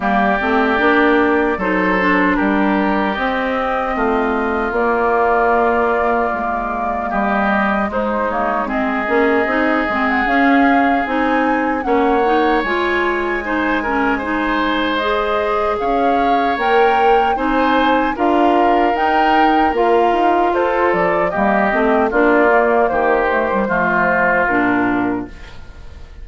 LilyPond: <<
  \new Staff \with { instrumentName = "flute" } { \time 4/4 \tempo 4 = 76 d''2 c''4 ais'4 | dis''2 d''2~ | d''4 dis''4 c''8 cis''8 dis''4~ | dis''8. fis''16 f''4 gis''4 fis''4 |
gis''2. dis''4 | f''4 g''4 gis''4 f''4 | g''4 f''4 c''8 d''8 dis''4 | d''4 c''2 ais'4 | }
  \new Staff \with { instrumentName = "oboe" } { \time 4/4 g'2 a'4 g'4~ | g'4 f'2.~ | f'4 g'4 dis'4 gis'4~ | gis'2. cis''4~ |
cis''4 c''8 ais'8 c''2 | cis''2 c''4 ais'4~ | ais'2 a'4 g'4 | f'4 g'4 f'2 | }
  \new Staff \with { instrumentName = "clarinet" } { \time 4/4 ais8 c'8 d'4 dis'8 d'4. | c'2 ais2~ | ais2 gis8 ais8 c'8 cis'8 | dis'8 c'8 cis'4 dis'4 cis'8 dis'8 |
f'4 dis'8 cis'8 dis'4 gis'4~ | gis'4 ais'4 dis'4 f'4 | dis'4 f'2 ais8 c'8 | d'8 ais4 a16 g16 a4 d'4 | }
  \new Staff \with { instrumentName = "bassoon" } { \time 4/4 g8 a8 ais4 fis4 g4 | c'4 a4 ais2 | gis4 g4 gis4. ais8 | c'8 gis8 cis'4 c'4 ais4 |
gis1 | cis'4 ais4 c'4 d'4 | dis'4 ais8 dis'8 f'8 f8 g8 a8 | ais4 dis4 f4 ais,4 | }
>>